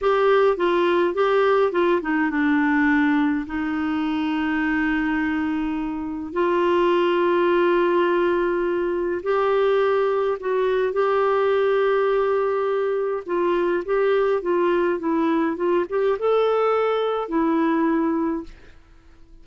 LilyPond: \new Staff \with { instrumentName = "clarinet" } { \time 4/4 \tempo 4 = 104 g'4 f'4 g'4 f'8 dis'8 | d'2 dis'2~ | dis'2. f'4~ | f'1 |
g'2 fis'4 g'4~ | g'2. f'4 | g'4 f'4 e'4 f'8 g'8 | a'2 e'2 | }